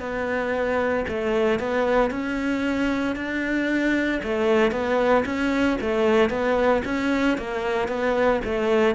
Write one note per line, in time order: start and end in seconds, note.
0.00 1.05 B3
1.09 1.60 A3
1.60 2.11 B3
2.11 3.16 C#4
3.16 4.21 D4
4.23 4.72 A3
4.72 5.24 B3
5.25 5.78 C#4
5.81 6.30 A3
6.30 6.82 B3
6.85 7.38 C#4
7.38 7.89 A#3
7.89 8.41 B3
8.44 8.95 A3